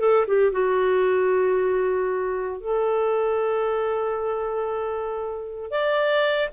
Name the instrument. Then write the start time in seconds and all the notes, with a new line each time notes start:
clarinet
0.00 A4
0.28 G4
0.53 F#4
2.61 A4
5.71 D5